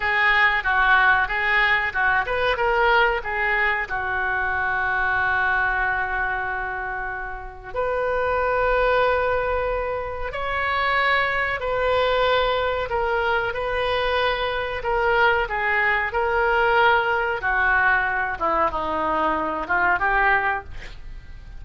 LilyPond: \new Staff \with { instrumentName = "oboe" } { \time 4/4 \tempo 4 = 93 gis'4 fis'4 gis'4 fis'8 b'8 | ais'4 gis'4 fis'2~ | fis'1 | b'1 |
cis''2 b'2 | ais'4 b'2 ais'4 | gis'4 ais'2 fis'4~ | fis'8 e'8 dis'4. f'8 g'4 | }